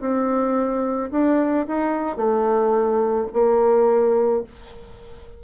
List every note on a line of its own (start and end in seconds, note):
0.00 1.10 C4
1.11 1.66 D4
1.67 2.16 D#4
2.16 3.27 A3
3.33 4.43 A#3